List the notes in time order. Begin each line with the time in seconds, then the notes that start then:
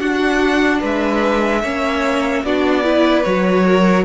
0.00 D4 F#4 F#5
0.80 G#3 B4 E5
1.62 A#3 C#4 C#5
2.44 B3 D4 F#4 D5
2.83 E4 B4
3.24 F#3 F#4 C#5
3.65 A#4